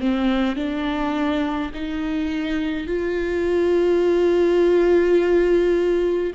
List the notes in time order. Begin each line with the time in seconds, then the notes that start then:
0.00 C4
0.56 D4
1.74 D#4
2.87 F4